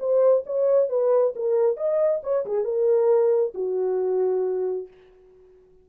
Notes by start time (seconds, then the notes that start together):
0.00 C5
0.46 C#5
0.90 B4
1.36 A#4
1.77 D#5
2.24 C#5
2.46 G#4
2.65 A#4
3.55 F#4